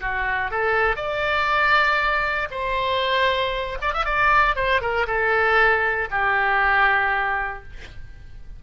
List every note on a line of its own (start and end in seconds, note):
0.00 0.50 F#4
0.50 0.95 A4
0.95 2.48 D5
2.50 3.77 C5
3.81 3.93 D5
3.93 4.05 E5
4.05 4.55 D5
4.55 4.81 C5
4.81 5.06 A#4
5.06 6.08 A4
6.10 7.63 G4